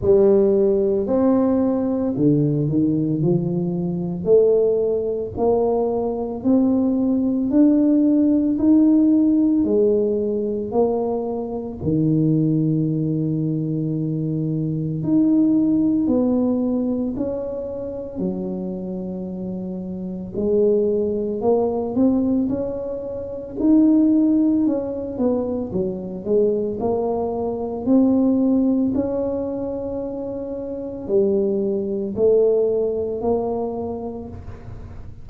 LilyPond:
\new Staff \with { instrumentName = "tuba" } { \time 4/4 \tempo 4 = 56 g4 c'4 d8 dis8 f4 | a4 ais4 c'4 d'4 | dis'4 gis4 ais4 dis4~ | dis2 dis'4 b4 |
cis'4 fis2 gis4 | ais8 c'8 cis'4 dis'4 cis'8 b8 | fis8 gis8 ais4 c'4 cis'4~ | cis'4 g4 a4 ais4 | }